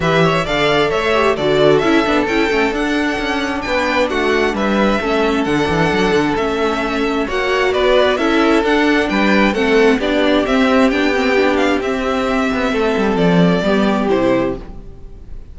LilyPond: <<
  \new Staff \with { instrumentName = "violin" } { \time 4/4 \tempo 4 = 132 e''4 f''4 e''4 d''4 | e''4 g''4 fis''2 | g''4 fis''4 e''2 | fis''2 e''2 |
fis''4 d''4 e''4 fis''4 | g''4 fis''4 d''4 e''4 | g''4. f''8 e''2~ | e''4 d''2 c''4 | }
  \new Staff \with { instrumentName = "violin" } { \time 4/4 b'8 cis''8 d''4 cis''4 a'4~ | a'1 | b'4 fis'4 b'4 a'4~ | a'1 |
cis''4 b'4 a'2 | b'4 a'4 g'2~ | g'1 | a'2 g'2 | }
  \new Staff \with { instrumentName = "viola" } { \time 4/4 g'4 a'4. g'8 fis'4 | e'8 d'8 e'8 cis'8 d'2~ | d'2. cis'4 | d'2 cis'2 |
fis'2 e'4 d'4~ | d'4 c'4 d'4 c'4 | d'8 c'8 d'4 c'2~ | c'2 b4 e'4 | }
  \new Staff \with { instrumentName = "cello" } { \time 4/4 e4 d4 a4 d4 | cis'8 b8 cis'8 a8 d'4 cis'4 | b4 a4 g4 a4 | d8 e8 fis8 d8 a2 |
ais4 b4 cis'4 d'4 | g4 a4 b4 c'4 | b2 c'4. b8 | a8 g8 f4 g4 c4 | }
>>